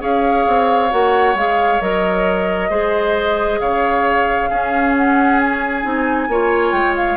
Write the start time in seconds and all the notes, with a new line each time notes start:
0.00 C#4 G#4 C#5 F5
0.47 C4
0.90 A#3 F#4 F#5
1.34 G#3 G#4 F5
1.80 F#3 A#4 D#5
2.70 G#3 G#4 C5
3.60 C#3 C#5 F5
4.49 C#4 G#4
4.96 F#5
5.39 G#5
5.83 C4 D#4
6.28 A#3 F4 C#5
6.72 G#3 G5
6.96 F5